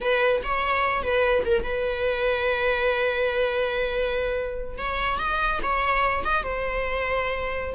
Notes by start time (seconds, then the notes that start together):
0.01 B4
0.43 C#5
1.02 B4
1.45 A#4
1.63 B4
4.78 C#5
5.18 D#5
5.62 C#5
6.24 D#5
6.43 C5